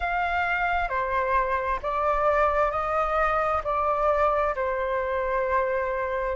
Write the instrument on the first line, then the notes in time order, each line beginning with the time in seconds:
flute
0.00 F5
0.88 C5
1.82 D5
2.71 D#5
3.64 D5
4.55 C5